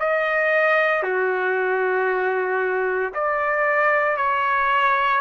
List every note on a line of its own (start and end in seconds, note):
0.00 1.03 D#5
1.03 3.14 F#4
3.14 4.17 D5
4.17 5.21 C#5